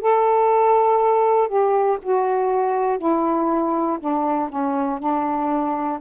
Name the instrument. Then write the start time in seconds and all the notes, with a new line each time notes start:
saxophone
0.00 A4
1.47 G4
2.02 F#4
2.98 E4
3.99 D4
4.49 C#4
4.99 D4